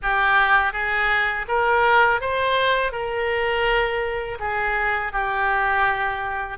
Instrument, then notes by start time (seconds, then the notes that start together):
oboe
0.02 G4
0.72 G#4
1.48 A#4
2.20 C5
2.92 A#4
4.39 G#4
5.12 G4